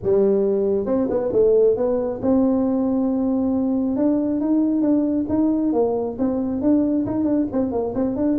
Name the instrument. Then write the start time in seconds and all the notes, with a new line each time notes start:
tuba
0.03 G3
0.86 C4
1.09 B3
1.32 A3
1.76 B3
2.22 C4
3.96 D4
4.40 D#4
4.81 D4
5.28 D#4
5.73 A#3
6.18 C4
6.61 D4
7.05 D#4
7.24 D4
7.51 C4
7.71 A#3
7.94 C4
8.16 D4